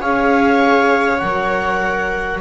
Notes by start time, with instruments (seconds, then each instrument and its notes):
0.00 double bass C#4, viola G#4 C#5, clarinet F5
1.19 double bass F#3, viola A#4, clarinet F#5